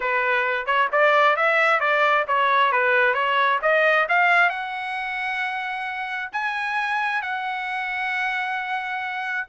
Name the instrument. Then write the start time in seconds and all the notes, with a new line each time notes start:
trumpet
0.00 B4
0.66 C#5
0.91 D5
1.36 E5
1.80 D5
2.27 C#5
2.71 B4
3.14 C#5
3.62 D#5
4.08 F5
4.49 F#5
6.32 G#5
7.21 F#5